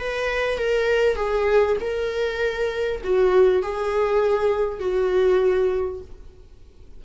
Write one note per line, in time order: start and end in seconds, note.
0.00 0.58 B4
0.58 1.16 A#4
1.16 1.77 G#4
1.81 3.02 A#4
3.04 3.63 F#4
3.63 4.80 G#4
4.80 6.01 F#4